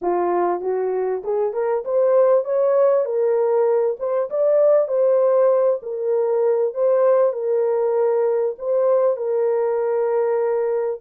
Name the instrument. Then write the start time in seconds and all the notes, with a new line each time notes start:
horn
0.01 F4
0.61 F#4
1.24 G#4
1.53 A#4
1.84 C5
2.44 C#5
3.05 A#4
3.99 C5
4.29 D5
4.88 C5
5.82 A#4
6.73 C5
7.32 A#4
8.58 C5
9.16 A#4